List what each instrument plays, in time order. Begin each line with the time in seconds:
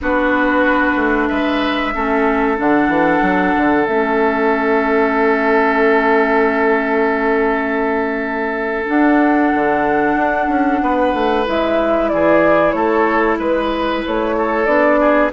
0.01 bassoon B3, clarinet D4, oboe F#4, flute B4
0.96 bassoon A3
1.27 bassoon G#3, oboe B4, flute E5
1.94 bassoon A3, clarinet C#4, oboe A4
2.56 bassoon D3, clarinet D4, flute F#5
2.88 bassoon E3
3.21 bassoon F#3
3.56 bassoon D3
3.85 bassoon A3, clarinet C#4, flute E5
8.86 clarinet D4, bassoon D4, flute F#5
9.54 bassoon D3
10.15 bassoon D4
10.48 bassoon C#4
10.82 bassoon B3, oboe B4
11.13 bassoon A3
11.45 bassoon G#3, clarinet E4, flute E5
12.08 bassoon E3, oboe G#4, flute D5
12.72 bassoon A3, oboe A4, flute C#5
13.38 bassoon G#3, oboe B4, flute B4
14.06 bassoon A3, flute C#5
14.37 oboe A4
14.65 bassoon B3, clarinet D4, flute D5
15.00 oboe G#4